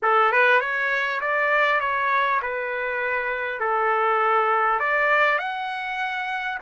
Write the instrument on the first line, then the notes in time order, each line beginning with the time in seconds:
trumpet
0.02 A4
0.31 B4
0.60 C#5
1.21 D5
1.80 C#5
2.42 B4
3.59 A4
4.79 D5
5.38 F#5